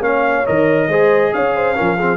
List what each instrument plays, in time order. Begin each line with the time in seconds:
0.00 tuba A#3, trombone C#4, horn C#5, trumpet F5
0.45 tuba D#3, trombone A#4, trumpet D#5
0.88 tuba G#3, trombone G#4, horn C5
1.33 tuba C#4, horn C#5, trumpet F5
1.56 horn C5
1.75 tuba F3, trombone C#4, horn A#4
1.96 trombone C4, horn G#4